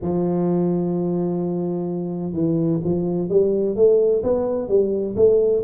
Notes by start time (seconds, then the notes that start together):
0.01 F3
2.32 E3
2.84 F3
3.28 G3
3.75 A3
4.23 B3
4.68 G3
5.16 A3